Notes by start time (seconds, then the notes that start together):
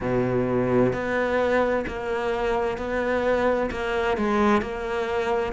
0.00 B2
0.92 B3
1.87 A#3
2.77 B3
3.70 A#3
4.17 G#3
4.61 A#3